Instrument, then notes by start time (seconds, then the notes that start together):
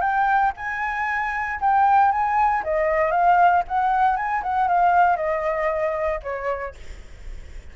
flute
0.00 G5
0.56 G#5
1.60 G5
2.11 G#5
2.63 D#5
3.11 F5
3.67 F#5
4.16 G#5
4.42 F#5
4.67 F5
5.16 D#5
6.23 C#5